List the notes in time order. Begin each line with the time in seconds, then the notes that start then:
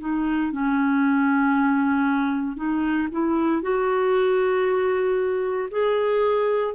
0.00 D#4
0.52 C#4
2.56 D#4
3.11 E4
3.62 F#4
5.70 G#4